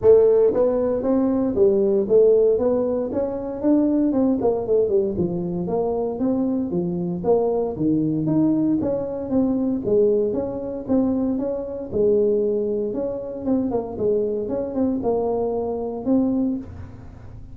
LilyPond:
\new Staff \with { instrumentName = "tuba" } { \time 4/4 \tempo 4 = 116 a4 b4 c'4 g4 | a4 b4 cis'4 d'4 | c'8 ais8 a8 g8 f4 ais4 | c'4 f4 ais4 dis4 |
dis'4 cis'4 c'4 gis4 | cis'4 c'4 cis'4 gis4~ | gis4 cis'4 c'8 ais8 gis4 | cis'8 c'8 ais2 c'4 | }